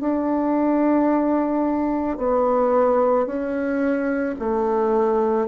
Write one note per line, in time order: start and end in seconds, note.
0.00 2.17 D4
2.17 3.26 B3
3.26 4.35 C#4
4.39 5.48 A3